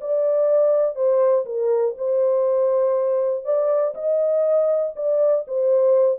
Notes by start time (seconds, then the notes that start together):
0.00 D5
0.95 C5
1.45 A#4
1.97 C5
3.44 D5
3.94 D#5
4.95 D5
5.47 C5